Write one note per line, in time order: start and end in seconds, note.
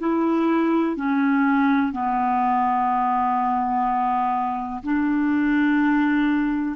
0.00 0.97 E4
0.97 1.93 C#4
1.93 4.83 B3
4.84 6.76 D4